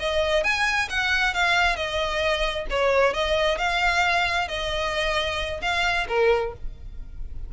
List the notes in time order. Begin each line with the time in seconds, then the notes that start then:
0.00 D#5
0.44 G#5
0.90 F#5
1.35 F5
1.76 D#5
2.70 C#5
3.14 D#5
3.59 F5
4.49 D#5
5.62 F5
6.09 A#4